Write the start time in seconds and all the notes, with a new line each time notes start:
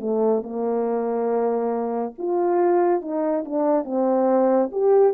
0.00 A3
0.42 A#3
2.18 F4
3.02 D#4
3.45 D4
3.85 C4
4.72 G4